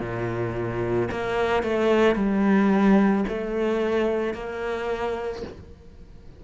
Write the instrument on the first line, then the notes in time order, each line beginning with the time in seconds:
cello
0.00 A#2
1.11 A#3
1.63 A3
2.16 G3
3.28 A3
4.34 A#3